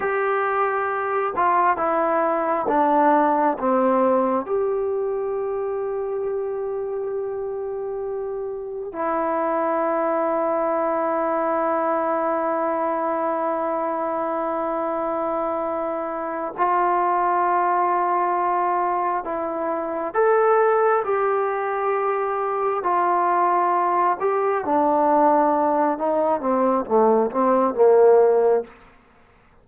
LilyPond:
\new Staff \with { instrumentName = "trombone" } { \time 4/4 \tempo 4 = 67 g'4. f'8 e'4 d'4 | c'4 g'2.~ | g'2 e'2~ | e'1~ |
e'2~ e'8 f'4.~ | f'4. e'4 a'4 g'8~ | g'4. f'4. g'8 d'8~ | d'4 dis'8 c'8 a8 c'8 ais4 | }